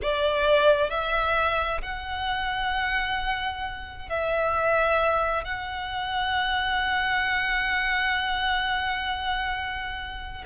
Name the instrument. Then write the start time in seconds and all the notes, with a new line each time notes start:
violin
0.02 D5
0.90 E5
1.81 F#5
4.09 E5
5.44 F#5